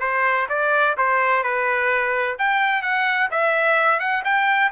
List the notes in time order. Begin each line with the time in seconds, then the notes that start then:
0.00 C5
0.49 D5
0.97 C5
1.43 B4
2.39 G5
2.82 F#5
3.31 E5
4.00 F#5
4.24 G5